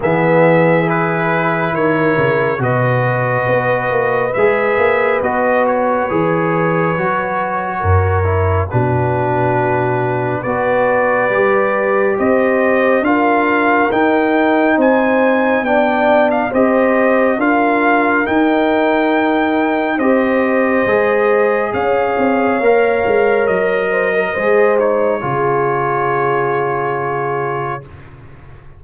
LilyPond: <<
  \new Staff \with { instrumentName = "trumpet" } { \time 4/4 \tempo 4 = 69 e''4 b'4 cis''4 dis''4~ | dis''4 e''4 dis''8 cis''4.~ | cis''2 b'2 | d''2 dis''4 f''4 |
g''4 gis''4 g''8. f''16 dis''4 | f''4 g''2 dis''4~ | dis''4 f''2 dis''4~ | dis''8 cis''2.~ cis''8 | }
  \new Staff \with { instrumentName = "horn" } { \time 4/4 gis'2 ais'4 b'4~ | b'1~ | b'4 ais'4 fis'2 | b'2 c''4 ais'4~ |
ais'4 c''4 d''4 c''4 | ais'2. c''4~ | c''4 cis''2~ cis''8 c''16 ais'16 | c''4 gis'2. | }
  \new Staff \with { instrumentName = "trombone" } { \time 4/4 b4 e'2 fis'4~ | fis'4 gis'4 fis'4 gis'4 | fis'4. e'8 d'2 | fis'4 g'2 f'4 |
dis'2 d'4 g'4 | f'4 dis'2 g'4 | gis'2 ais'2 | gis'8 dis'8 f'2. | }
  \new Staff \with { instrumentName = "tuba" } { \time 4/4 e2 dis8 cis8 b,4 | b8 ais8 gis8 ais8 b4 e4 | fis4 fis,4 b,2 | b4 g4 c'4 d'4 |
dis'4 c'4 b4 c'4 | d'4 dis'2 c'4 | gis4 cis'8 c'8 ais8 gis8 fis4 | gis4 cis2. | }
>>